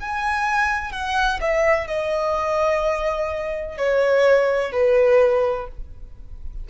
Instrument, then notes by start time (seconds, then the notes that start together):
violin
0.00 G#5
0.92 F#5
1.41 E5
1.87 D#5
3.77 C#5
4.72 B4